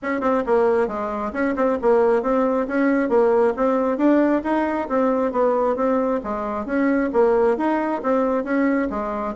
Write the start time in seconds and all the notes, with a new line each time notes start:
0.02 C#4
0.21 C4
0.45 A#3
0.87 G#3
1.32 C#4
1.56 C4
1.81 A#3
2.22 C4
2.67 C#4
3.09 A#3
3.56 C4
3.97 D4
4.43 D#4
4.88 C4
5.32 B3
5.76 C4
6.23 G#3
6.65 C#4
7.12 A#3
7.57 D#4
8.03 C4
8.43 C#4
8.90 G#3